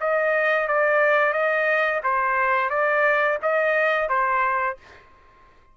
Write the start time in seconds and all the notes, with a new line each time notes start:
0.00 D#5
0.68 D5
1.33 D#5
2.03 C5
2.70 D5
3.42 D#5
4.09 C5